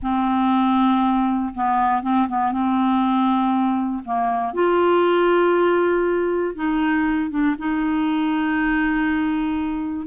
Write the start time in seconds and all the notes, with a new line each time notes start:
0.02 C4
1.54 B3
2.02 C4
2.28 B3
2.51 C4
4.05 A#3
4.53 F4
6.55 D#4
7.30 D4
7.58 D#4